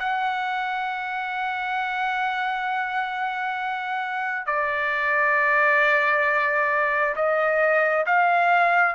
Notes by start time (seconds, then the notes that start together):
0.00 F#5
4.47 D5
7.16 D#5
8.06 F5